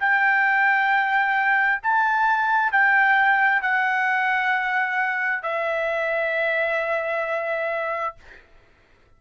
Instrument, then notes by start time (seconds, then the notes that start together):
trumpet
0.00 G5
1.83 A5
2.72 G5
3.62 F#5
5.43 E5